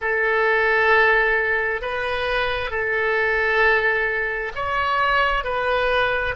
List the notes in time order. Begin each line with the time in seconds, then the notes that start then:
0.01 A4
1.81 B4
2.70 A4
4.55 C#5
5.43 B4